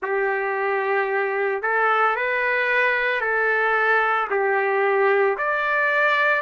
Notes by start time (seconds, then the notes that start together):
0.02 G4
1.62 A4
2.16 B4
3.20 A4
4.30 G4
5.37 D5